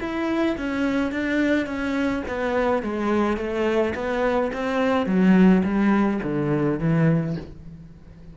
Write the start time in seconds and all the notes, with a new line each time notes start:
0.00 E4
0.57 C#4
1.12 D4
1.66 C#4
2.28 B3
2.82 G#3
3.37 A3
3.94 B3
4.53 C4
5.06 F#3
5.63 G3
6.23 D3
6.79 E3